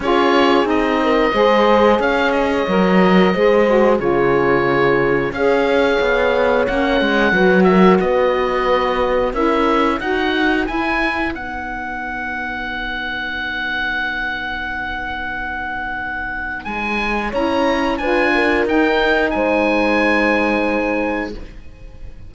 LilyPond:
<<
  \new Staff \with { instrumentName = "oboe" } { \time 4/4 \tempo 4 = 90 cis''4 dis''2 f''8 dis''8~ | dis''2 cis''2 | f''2 fis''4. e''8 | dis''2 e''4 fis''4 |
gis''4 fis''2.~ | fis''1~ | fis''4 gis''4 ais''4 gis''4 | g''4 gis''2. | }
  \new Staff \with { instrumentName = "horn" } { \time 4/4 gis'4. ais'8 c''4 cis''4~ | cis''4 c''4 gis'2 | cis''2. b'8 ais'8 | b'2 ais'4 b'4~ |
b'1~ | b'1~ | b'2 cis''4 b'8 ais'8~ | ais'4 c''2. | }
  \new Staff \with { instrumentName = "saxophone" } { \time 4/4 f'4 dis'4 gis'2 | ais'4 gis'8 fis'8 f'2 | gis'2 cis'4 fis'4~ | fis'2 e'4 fis'4 |
e'4 dis'2.~ | dis'1~ | dis'2 e'4 f'4 | dis'1 | }
  \new Staff \with { instrumentName = "cello" } { \time 4/4 cis'4 c'4 gis4 cis'4 | fis4 gis4 cis2 | cis'4 b4 ais8 gis8 fis4 | b2 cis'4 dis'4 |
e'4 b2.~ | b1~ | b4 gis4 cis'4 d'4 | dis'4 gis2. | }
>>